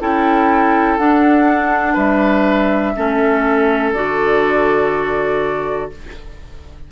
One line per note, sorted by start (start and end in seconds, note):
0.00 0.98 C#4
0.00 0.98 E4
0.00 1.93 A4
0.00 0.97 G5
0.97 2.95 D4
0.97 1.95 D4
0.97 1.96 F#5
1.93 2.94 G3
1.93 2.92 B4
1.93 3.93 E5
2.95 3.94 A3
2.95 3.94 C#4
2.95 5.91 A4
3.93 5.90 D3
3.93 5.91 F#4
3.93 5.90 D5